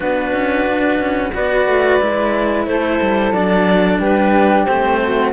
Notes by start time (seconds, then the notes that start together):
0.00 B3 D4 F#4 B4
0.32 C#4
0.67 D4
0.99 C#4
1.33 B3 F#4 B4 D5
1.66 A3
1.99 G#3 E4
2.66 A3 A4 C5
3.01 G3
3.32 F#3 D4 D5
4.00 G3 G4 B4
4.63 A3 C4 C5
5.02 F#4